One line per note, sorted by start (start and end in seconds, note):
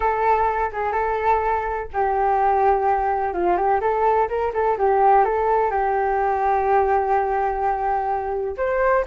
0.00 0.70 A4
0.72 0.92 G#4
0.92 1.87 A4
1.93 3.33 G4
3.33 3.56 F4
3.56 3.80 G4
3.80 4.28 A4
4.28 4.52 A#4
4.53 4.77 A4
4.77 5.24 G4
5.24 5.70 A4
5.70 8.56 G4
8.57 9.04 C5